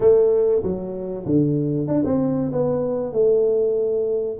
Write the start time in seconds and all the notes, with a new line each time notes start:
0.00 A3
0.62 F#3
1.25 D3
1.87 D4
2.04 C4
2.51 B3
3.12 A3